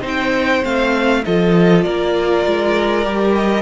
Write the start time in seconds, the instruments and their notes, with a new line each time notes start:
0.00 cello C4, viola D#4, violin C5
0.07 violin G5
0.63 cello A3, viola C4, violin F5
1.25 cello F3, viola F4, violin A4 D#5
1.82 cello A#3, violin A#4 D5
2.46 cello G#3
3.04 cello G3, viola G4
3.35 violin D#5